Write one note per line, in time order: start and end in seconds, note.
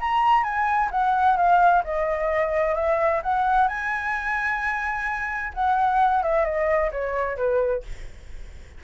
0.00 0.43 A#5
0.43 0.90 G#5
0.91 1.37 F#5
1.37 1.83 F5
1.84 2.75 D#5
2.75 3.21 E5
3.23 3.68 F#5
3.68 5.53 G#5
5.54 6.23 F#5
6.23 6.45 E5
6.45 6.91 D#5
6.92 7.37 C#5
7.37 7.83 B4